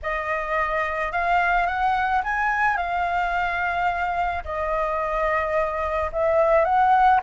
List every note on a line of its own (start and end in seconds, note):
0.02 1.11 D#5
1.11 1.66 F5
1.66 2.22 F#5
2.23 2.76 G#5
2.76 4.43 F5
4.44 6.11 D#5
6.12 6.64 E5
6.64 7.20 F#5